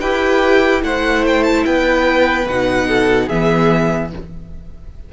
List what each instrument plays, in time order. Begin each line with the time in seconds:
0.00 cello E4, viola G4, violin B4 G5
0.82 cello A3, viola E4, violin C5 F#5
1.26 violin G5
1.43 violin A5
1.65 cello B3, violin B4 G5
2.46 cello B2, viola D#4, violin F#5
2.87 violin A4
3.27 cello E3, viola B3, violin G#4 E5